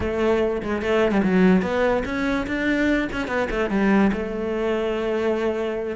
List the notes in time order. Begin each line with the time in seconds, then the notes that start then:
0.00 A3
0.62 G#3
0.82 A3
1.11 G3
1.22 F#3
1.62 B3
2.05 C#4
2.46 D4
3.12 C#4
3.27 B3
3.50 A3
3.70 G3
4.12 A3